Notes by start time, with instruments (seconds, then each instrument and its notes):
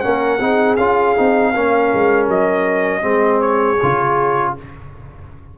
0.00 tuba A#3, trombone C#4, horn A#4, trumpet F#5
0.39 tuba C4, trombone D#4, horn G#4
0.76 tuba C#4, trombone F4, trumpet F5
1.16 tuba C4, trombone D#4
1.53 tuba A#3, trombone C#4, horn A#4
1.93 tuba G#3
2.28 tuba F#3, trumpet D#5
3.01 tuba G#3, trombone C4, horn G#4
3.41 trumpet C#5
3.82 tuba C#3, trombone F4